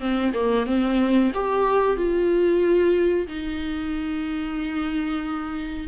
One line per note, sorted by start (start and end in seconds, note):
0.00 0.33 C4
0.34 0.66 A#3
0.66 1.31 C4
1.34 1.97 G4
1.97 3.27 F4
3.28 5.88 D#4